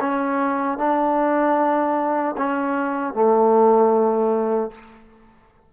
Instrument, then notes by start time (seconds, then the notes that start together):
trombone
0.00 C#4
0.78 D4
2.37 C#4
3.14 A3